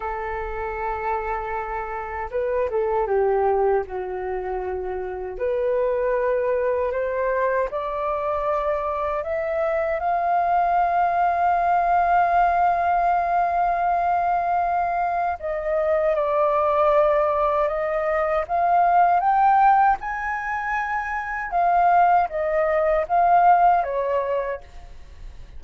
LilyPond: \new Staff \with { instrumentName = "flute" } { \time 4/4 \tempo 4 = 78 a'2. b'8 a'8 | g'4 fis'2 b'4~ | b'4 c''4 d''2 | e''4 f''2.~ |
f''1 | dis''4 d''2 dis''4 | f''4 g''4 gis''2 | f''4 dis''4 f''4 cis''4 | }